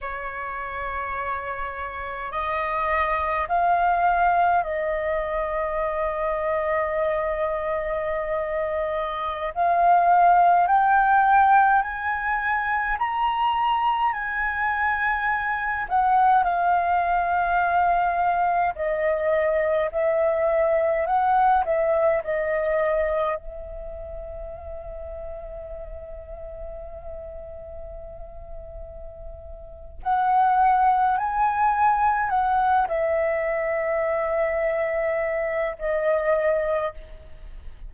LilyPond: \new Staff \with { instrumentName = "flute" } { \time 4/4 \tempo 4 = 52 cis''2 dis''4 f''4 | dis''1~ | dis''16 f''4 g''4 gis''4 ais''8.~ | ais''16 gis''4. fis''8 f''4.~ f''16~ |
f''16 dis''4 e''4 fis''8 e''8 dis''8.~ | dis''16 e''2.~ e''8.~ | e''2 fis''4 gis''4 | fis''8 e''2~ e''8 dis''4 | }